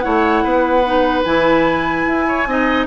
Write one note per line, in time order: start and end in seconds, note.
0.00 0.44 A3
0.00 0.83 E4
0.00 0.43 C#5
0.00 1.22 F#5
0.43 1.25 B3
0.43 2.26 B4
0.86 1.25 D#4
1.24 2.06 E3
1.24 2.47 E4
1.24 2.87 G#5
2.06 2.46 E4
2.28 2.48 C#5
2.46 2.87 C4
2.46 2.87 D#4
2.46 2.87 D#5